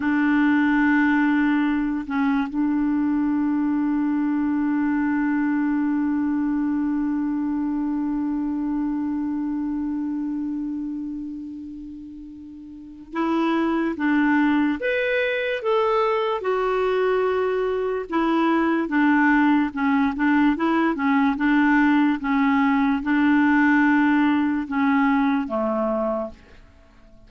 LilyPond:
\new Staff \with { instrumentName = "clarinet" } { \time 4/4 \tempo 4 = 73 d'2~ d'8 cis'8 d'4~ | d'1~ | d'1~ | d'1 |
e'4 d'4 b'4 a'4 | fis'2 e'4 d'4 | cis'8 d'8 e'8 cis'8 d'4 cis'4 | d'2 cis'4 a4 | }